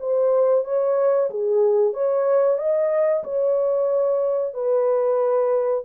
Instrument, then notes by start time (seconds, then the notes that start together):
horn
0.00 C5
0.65 C#5
1.30 G#4
1.93 C#5
2.58 D#5
3.24 C#5
4.54 B4